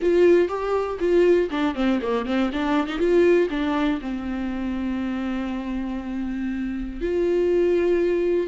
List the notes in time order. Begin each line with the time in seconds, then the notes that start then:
0.01 F4
0.48 G4
0.99 F4
1.50 D4
1.75 C4
2.01 A#3
2.25 C4
2.52 D4
2.87 D#4
2.98 F4
3.50 D4
4.01 C4
7.01 F4